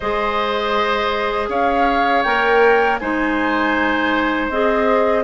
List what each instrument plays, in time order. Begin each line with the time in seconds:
0.00 bassoon G#3, clarinet G#4, oboe C5, flute D#5
1.48 bassoon C#4, oboe C#5, flute F5
2.23 bassoon A#3, clarinet A#4, flute G5
2.99 bassoon G#3, clarinet D#4, oboe C5, flute G#5
4.49 bassoon C4, clarinet G#4, flute D#5